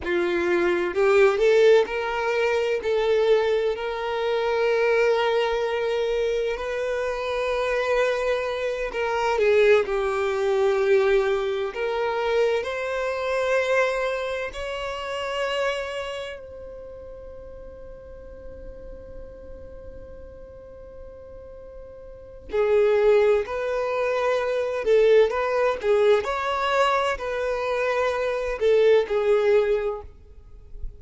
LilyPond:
\new Staff \with { instrumentName = "violin" } { \time 4/4 \tempo 4 = 64 f'4 g'8 a'8 ais'4 a'4 | ais'2. b'4~ | b'4. ais'8 gis'8 g'4.~ | g'8 ais'4 c''2 cis''8~ |
cis''4. c''2~ c''8~ | c''1 | gis'4 b'4. a'8 b'8 gis'8 | cis''4 b'4. a'8 gis'4 | }